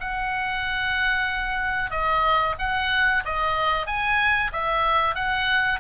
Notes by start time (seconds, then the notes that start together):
0.00 F#5
1.91 D#5
2.59 F#5
3.25 D#5
3.87 G#5
4.52 E5
5.15 F#5